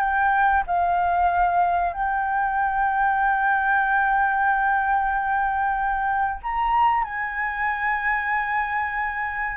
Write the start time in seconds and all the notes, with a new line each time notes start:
0.00 G5
0.67 F5
1.94 G5
6.43 A#5
7.04 G#5